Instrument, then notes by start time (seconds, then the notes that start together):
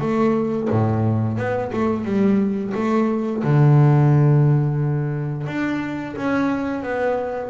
double bass
0.00 A3
0.70 A2
1.37 B3
1.72 A3
2.04 G3
2.74 A3
3.43 D3
5.47 D4
6.16 C#4
6.83 B3